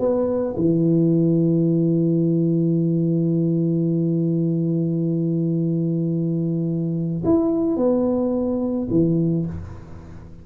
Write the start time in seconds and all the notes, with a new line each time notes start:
0.00 B3
0.57 E3
7.25 E4
7.77 B3
8.91 E3